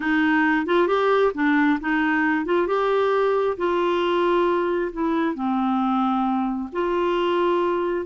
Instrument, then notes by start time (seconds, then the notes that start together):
clarinet
0.00 D#4
0.66 F4
0.87 G4
1.34 D4
1.80 D#4
2.45 F4
2.67 G4
3.57 F4
4.92 E4
5.34 C4
6.72 F4